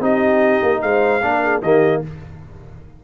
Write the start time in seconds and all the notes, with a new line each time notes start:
0.00 C4 D#4 G4 D#5
0.62 A#3
0.82 G#3 C5 F5
1.22 A#3 D4 A#4
1.42 G#4
1.62 D#3 A#3 G4 D#5